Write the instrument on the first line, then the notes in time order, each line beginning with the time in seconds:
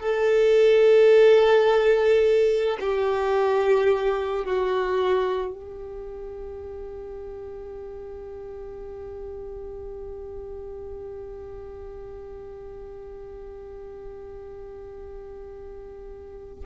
violin
0.00 A4
2.80 G4
4.45 F#4
5.53 G4